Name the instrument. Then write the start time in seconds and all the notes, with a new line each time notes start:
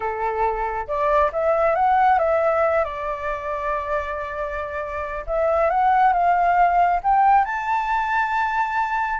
flute
0.00 A4
0.87 D5
1.32 E5
1.75 F#5
2.18 E5
2.84 D5
5.26 E5
5.70 F#5
6.12 F5
7.03 G5
7.44 A5